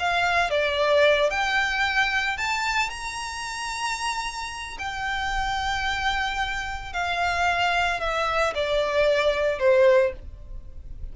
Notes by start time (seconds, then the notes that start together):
0.00 F5
0.51 D5
1.31 G5
2.38 A5
2.90 A#5
4.79 G5
6.94 F5
8.01 E5
8.55 D5
9.60 C5